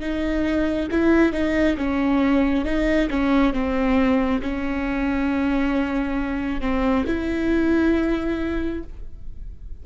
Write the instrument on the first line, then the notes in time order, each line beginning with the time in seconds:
viola
0.00 D#4
0.91 E4
1.32 D#4
1.77 C#4
2.65 D#4
3.10 C#4
3.53 C4
4.42 C#4
6.61 C4
7.07 E4